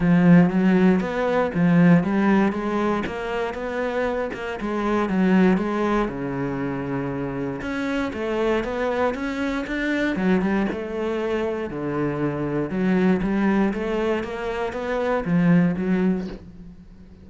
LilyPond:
\new Staff \with { instrumentName = "cello" } { \time 4/4 \tempo 4 = 118 f4 fis4 b4 f4 | g4 gis4 ais4 b4~ | b8 ais8 gis4 fis4 gis4 | cis2. cis'4 |
a4 b4 cis'4 d'4 | fis8 g8 a2 d4~ | d4 fis4 g4 a4 | ais4 b4 f4 fis4 | }